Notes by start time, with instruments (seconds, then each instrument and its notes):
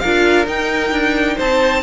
0.00 cello D4, viola F4, violin A#4 F5
0.47 cello D#4, viola D#4, violin G5
0.91 cello D4
1.36 cello C4, violin C5 A5